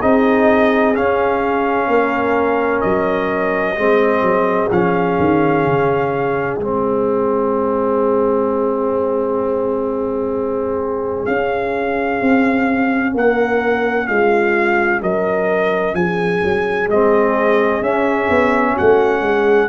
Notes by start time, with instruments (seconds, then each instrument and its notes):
0.00 tuba C4, trombone D#4, horn G#4, trumpet D#5
0.94 trombone C#4, tuba C#4, trumpet F5
1.87 tuba A#3, horn A#4
2.80 tuba F#3, trumpet D#5
3.76 tuba G#3, trombone C4, horn G#4
4.22 tuba F#3
4.71 tuba F3, trombone C#4, trumpet F5
5.19 tuba D#3
5.65 tuba C#3
6.57 tuba G#3, trombone C4, trumpet D#5
11.25 tuba C#4, trombone C#4, trumpet F5
12.21 tuba C4
13.13 tuba A#3, horn A#4, trumpet F#5
14.07 tuba G#3, horn F4, trumpet F5
15.01 tuba F#3, horn A#4, trumpet D#5
15.94 tuba F3, horn G#4, trumpet G#5
16.43 tuba F#3
16.87 tuba G#3, trombone C4, trumpet D#5
17.81 tuba C#4, trombone C#4, trumpet E5
18.29 tuba B3
18.73 horn F#4, trumpet F#5
18.80 tuba A3
19.21 tuba G#3, horn G#4